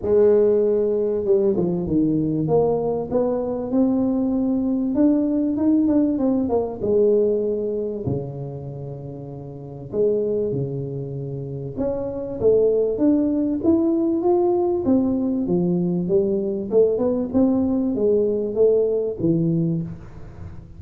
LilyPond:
\new Staff \with { instrumentName = "tuba" } { \time 4/4 \tempo 4 = 97 gis2 g8 f8 dis4 | ais4 b4 c'2 | d'4 dis'8 d'8 c'8 ais8 gis4~ | gis4 cis2. |
gis4 cis2 cis'4 | a4 d'4 e'4 f'4 | c'4 f4 g4 a8 b8 | c'4 gis4 a4 e4 | }